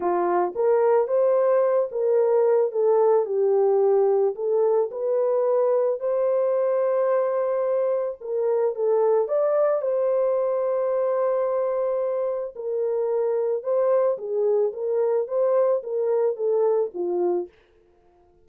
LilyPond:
\new Staff \with { instrumentName = "horn" } { \time 4/4 \tempo 4 = 110 f'4 ais'4 c''4. ais'8~ | ais'4 a'4 g'2 | a'4 b'2 c''4~ | c''2. ais'4 |
a'4 d''4 c''2~ | c''2. ais'4~ | ais'4 c''4 gis'4 ais'4 | c''4 ais'4 a'4 f'4 | }